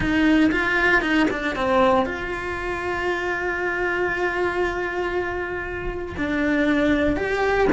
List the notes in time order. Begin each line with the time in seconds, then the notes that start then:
0.00 D#4
0.51 F4
1.01 D#4
1.30 D4
1.55 C4
2.05 F4
6.17 D4
7.16 G4